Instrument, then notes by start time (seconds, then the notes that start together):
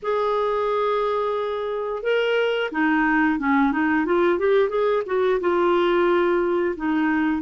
clarinet
0.02 G#4
2.03 A#4
2.72 D#4
3.39 C#4
3.72 D#4
4.05 F4
4.38 G4
4.69 G#4
5.06 F#4
5.40 F4
6.76 D#4